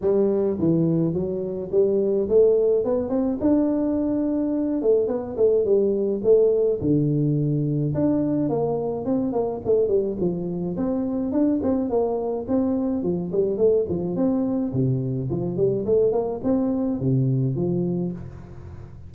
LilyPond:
\new Staff \with { instrumentName = "tuba" } { \time 4/4 \tempo 4 = 106 g4 e4 fis4 g4 | a4 b8 c'8 d'2~ | d'8 a8 b8 a8 g4 a4 | d2 d'4 ais4 |
c'8 ais8 a8 g8 f4 c'4 | d'8 c'8 ais4 c'4 f8 g8 | a8 f8 c'4 c4 f8 g8 | a8 ais8 c'4 c4 f4 | }